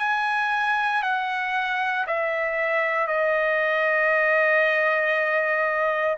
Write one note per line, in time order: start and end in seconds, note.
0.00 1.03 G#5
1.03 2.06 F#5
2.07 3.07 E5
3.07 6.17 D#5